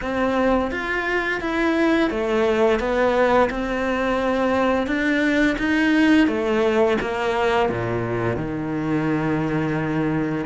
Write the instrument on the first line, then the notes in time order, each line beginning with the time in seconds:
cello
0.01 C4
0.71 F4
1.40 E4
2.10 A3
2.79 B3
3.49 C4
4.86 D4
5.58 D#4
6.27 A3
7.01 A#3
7.69 A#2
8.36 D#3